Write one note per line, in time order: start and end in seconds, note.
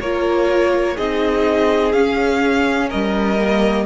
0.00 0.97 A#3
0.00 0.97 F4
0.00 0.95 A#4
0.00 0.97 C#5
0.95 1.94 C4
0.95 1.94 D#4
0.95 2.88 G#4
0.95 1.92 D#5
1.92 2.90 C#4
1.92 3.38 C#4
1.92 2.89 F5
2.89 3.86 G3
2.89 3.85 A#4
2.89 3.86 D#5
3.38 3.86 A#3